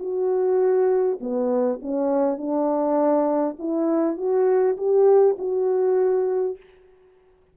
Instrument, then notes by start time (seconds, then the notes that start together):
horn
0.00 F#4
1.20 B3
1.82 C#4
2.38 D4
3.59 E4
4.17 F#4
4.77 G4
5.39 F#4